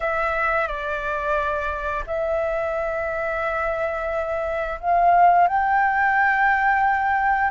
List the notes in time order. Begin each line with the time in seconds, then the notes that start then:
0.00 E5
0.67 D5
2.06 E5
4.80 F5
5.47 G5